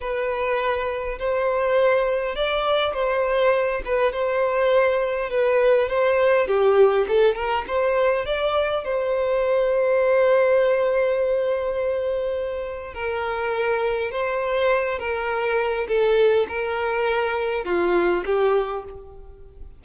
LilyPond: \new Staff \with { instrumentName = "violin" } { \time 4/4 \tempo 4 = 102 b'2 c''2 | d''4 c''4. b'8 c''4~ | c''4 b'4 c''4 g'4 | a'8 ais'8 c''4 d''4 c''4~ |
c''1~ | c''2 ais'2 | c''4. ais'4. a'4 | ais'2 f'4 g'4 | }